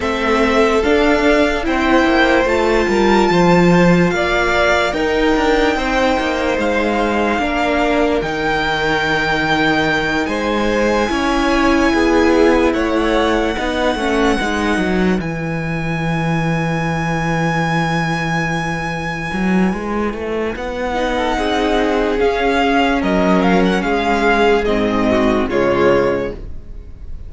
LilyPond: <<
  \new Staff \with { instrumentName = "violin" } { \time 4/4 \tempo 4 = 73 e''4 f''4 g''4 a''4~ | a''4 f''4 g''2 | f''2 g''2~ | g''8 gis''2. fis''8~ |
fis''2~ fis''8 gis''4.~ | gis''1~ | gis''4 fis''2 f''4 | dis''8 f''16 fis''16 f''4 dis''4 cis''4 | }
  \new Staff \with { instrumentName = "violin" } { \time 4/4 a'2 c''4. ais'8 | c''4 d''4 ais'4 c''4~ | c''4 ais'2.~ | ais'8 c''4 cis''4 gis'4 cis''8~ |
cis''8 b'2.~ b'8~ | b'1~ | b'4.~ b'16 a'16 gis'2 | ais'4 gis'4. fis'8 f'4 | }
  \new Staff \with { instrumentName = "viola" } { \time 4/4 c'4 d'4 e'4 f'4~ | f'2 dis'2~ | dis'4 d'4 dis'2~ | dis'4. e'2~ e'8~ |
e'8 dis'8 cis'8 dis'4 e'4.~ | e'1~ | e'4. dis'4. cis'4~ | cis'2 c'4 gis4 | }
  \new Staff \with { instrumentName = "cello" } { \time 4/4 a4 d'4 c'8 ais8 a8 g8 | f4 ais4 dis'8 d'8 c'8 ais8 | gis4 ais4 dis2~ | dis8 gis4 cis'4 b4 a8~ |
a8 b8 a8 gis8 fis8 e4.~ | e2.~ e8 fis8 | gis8 a8 b4 c'4 cis'4 | fis4 gis4 gis,4 cis4 | }
>>